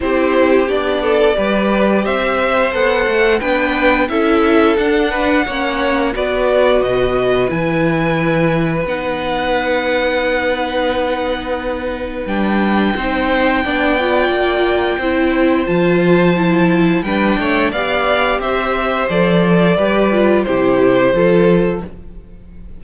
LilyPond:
<<
  \new Staff \with { instrumentName = "violin" } { \time 4/4 \tempo 4 = 88 c''4 d''2 e''4 | fis''4 g''4 e''4 fis''4~ | fis''4 d''4 dis''4 gis''4~ | gis''4 fis''2.~ |
fis''2 g''2~ | g''2. a''4~ | a''4 g''4 f''4 e''4 | d''2 c''2 | }
  \new Staff \with { instrumentName = "violin" } { \time 4/4 g'4. a'8 b'4 c''4~ | c''4 b'4 a'4. b'8 | cis''4 b'2.~ | b'1~ |
b'2. c''4 | d''2 c''2~ | c''4 b'8 cis''8 d''4 c''4~ | c''4 b'4 g'4 a'4 | }
  \new Staff \with { instrumentName = "viola" } { \time 4/4 e'4 d'4 g'2 | a'4 d'4 e'4 d'4 | cis'4 fis'2 e'4~ | e'4 dis'2.~ |
dis'2 d'4 dis'4 | d'8 f'4. e'4 f'4 | e'4 d'4 g'2 | a'4 g'8 f'8 e'4 f'4 | }
  \new Staff \with { instrumentName = "cello" } { \time 4/4 c'4 b4 g4 c'4 | b8 a8 b4 cis'4 d'4 | ais4 b4 b,4 e4~ | e4 b2.~ |
b2 g4 c'4 | b4 ais4 c'4 f4~ | f4 g8 a8 b4 c'4 | f4 g4 c4 f4 | }
>>